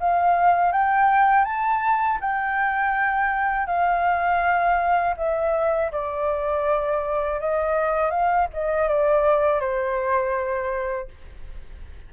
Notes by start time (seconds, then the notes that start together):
0.00 F5
0.72 G5
1.45 A5
2.21 G5
3.67 F5
5.17 E5
5.92 D5
7.40 D#5
8.10 F5
8.53 D#5
8.88 D5
9.60 C5